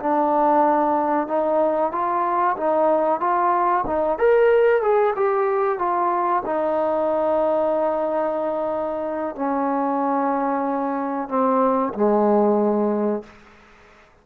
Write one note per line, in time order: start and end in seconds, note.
0.00 1.28 D4
1.28 1.92 D#4
1.92 2.57 F4
2.57 3.21 D#4
3.21 3.85 F4
3.87 4.19 D#4
4.19 4.82 A#4
4.82 5.14 G#4
5.16 5.79 G4
5.79 6.43 F4
6.46 9.36 D#4
9.36 11.29 C#4
11.29 11.93 C4
11.94 13.23 G#3